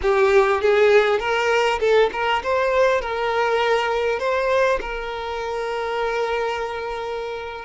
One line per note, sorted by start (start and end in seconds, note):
0.01 0.61 G4
0.61 1.19 G#4
1.19 1.79 A#4
1.80 2.10 A4
2.12 2.42 A#4
2.43 3.01 C5
3.01 4.19 A#4
4.19 4.79 C5
4.80 7.65 A#4